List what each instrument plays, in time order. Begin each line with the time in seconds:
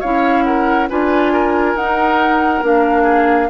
0.00 bassoon C#4, clarinet E4, oboe C#5, flute F5
0.43 oboe A#4, flute F#5
0.89 bassoon D4, clarinet F4, oboe B4, flute G#5
1.33 oboe A#4
1.74 bassoon D#4, clarinet D#4, flute F#5
2.62 bassoon A#3, clarinet D4, flute F5
3.03 oboe G#4